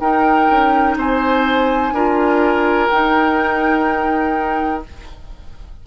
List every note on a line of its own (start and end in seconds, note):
0.00 0.48 D#4
0.00 1.94 D#4
0.00 0.97 A#4
0.00 0.97 G5
0.51 0.97 C#4
0.97 1.92 C4
0.97 1.94 C5
0.97 2.89 G#5
1.92 2.88 D4
1.92 2.91 F4
1.92 4.84 A#4
2.89 4.84 D#4
2.89 4.87 D#4
2.89 4.83 G5